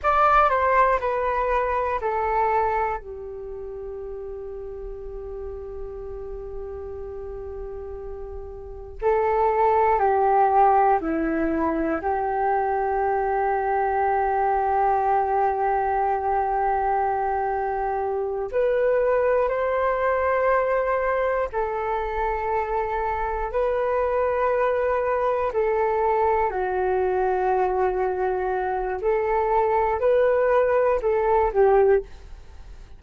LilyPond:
\new Staff \with { instrumentName = "flute" } { \time 4/4 \tempo 4 = 60 d''8 c''8 b'4 a'4 g'4~ | g'1~ | g'4 a'4 g'4 e'4 | g'1~ |
g'2~ g'8 b'4 c''8~ | c''4. a'2 b'8~ | b'4. a'4 fis'4.~ | fis'4 a'4 b'4 a'8 g'8 | }